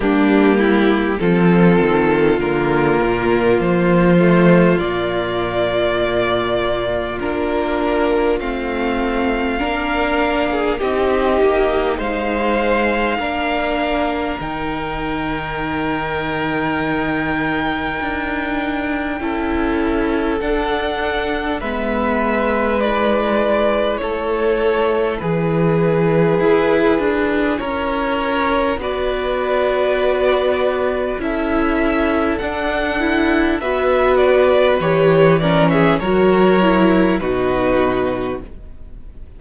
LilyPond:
<<
  \new Staff \with { instrumentName = "violin" } { \time 4/4 \tempo 4 = 50 g'4 a'4 ais'4 c''4 | d''2 ais'4 f''4~ | f''4 dis''4 f''2 | g''1~ |
g''4 fis''4 e''4 d''4 | cis''4 b'2 cis''4 | d''2 e''4 fis''4 | e''8 d''8 cis''8 d''16 e''16 cis''4 b'4 | }
  \new Staff \with { instrumentName = "violin" } { \time 4/4 d'8 e'8 f'2.~ | f'1 | ais'8. gis'16 g'4 c''4 ais'4~ | ais'1 |
a'2 b'2 | a'4 gis'2 ais'4 | b'2 a'2 | b'4. ais'16 gis'16 ais'4 fis'4 | }
  \new Staff \with { instrumentName = "viola" } { \time 4/4 ais4 c'4 ais4. a8 | ais2 d'4 c'4 | d'4 dis'2 d'4 | dis'1 |
e'4 d'4 b4 e'4~ | e'1 | fis'2 e'4 d'8 e'8 | fis'4 g'8 cis'8 fis'8 e'8 dis'4 | }
  \new Staff \with { instrumentName = "cello" } { \time 4/4 g4 f8 dis8 d8 ais,8 f4 | ais,2 ais4 a4 | ais4 c'8 ais8 gis4 ais4 | dis2. d'4 |
cis'4 d'4 gis2 | a4 e4 e'8 d'8 cis'4 | b2 cis'4 d'4 | b4 e4 fis4 b,4 | }
>>